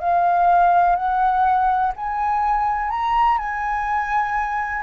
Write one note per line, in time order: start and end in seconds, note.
0.00 0.95 F5
0.95 1.92 F#5
1.96 2.90 G#5
2.90 3.38 A#5
3.38 4.83 G#5